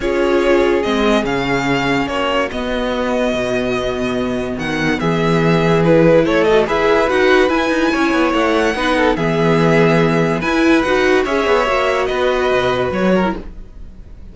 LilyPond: <<
  \new Staff \with { instrumentName = "violin" } { \time 4/4 \tempo 4 = 144 cis''2 dis''4 f''4~ | f''4 cis''4 dis''2~ | dis''2. fis''4 | e''2 b'4 cis''8 dis''8 |
e''4 fis''4 gis''2 | fis''2 e''2~ | e''4 gis''4 fis''4 e''4~ | e''4 dis''2 cis''4 | }
  \new Staff \with { instrumentName = "violin" } { \time 4/4 gis'1~ | gis'4 fis'2.~ | fis'1 | gis'2. a'4 |
b'2. cis''4~ | cis''4 b'8 a'8 gis'2~ | gis'4 b'2 cis''4~ | cis''4 b'2~ b'8 ais'8 | }
  \new Staff \with { instrumentName = "viola" } { \time 4/4 f'2 c'4 cis'4~ | cis'2 b2~ | b1~ | b2 e'4. fis'8 |
gis'4 fis'4 e'2~ | e'4 dis'4 b2~ | b4 e'4 fis'4 gis'4 | fis'2.~ fis'8. e'16 | }
  \new Staff \with { instrumentName = "cello" } { \time 4/4 cis'2 gis4 cis4~ | cis4 ais4 b2 | b,2. dis4 | e2. a4 |
e'4 dis'4 e'8 dis'8 cis'8 b8 | a4 b4 e2~ | e4 e'4 dis'4 cis'8 b8 | ais4 b4 b,4 fis4 | }
>>